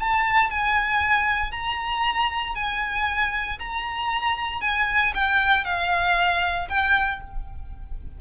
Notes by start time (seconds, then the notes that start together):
0.00 A5
0.50 G#5
1.52 A#5
2.55 G#5
3.59 A#5
4.61 G#5
5.15 G5
5.65 F5
6.69 G5